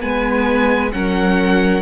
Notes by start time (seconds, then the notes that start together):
0.00 G#3 B3 B4 G#5
0.92 F#3 C#4 A#4 F#5